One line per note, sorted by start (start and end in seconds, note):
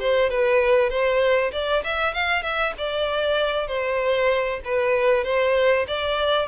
0.00 0.30 C5
0.30 0.90 B4
0.90 1.52 C5
1.52 1.83 D5
1.84 2.14 E5
2.14 2.43 F5
2.43 2.74 E5
2.78 3.68 D5
3.68 4.61 C5
4.65 5.25 B4
5.25 5.87 C5
5.88 6.48 D5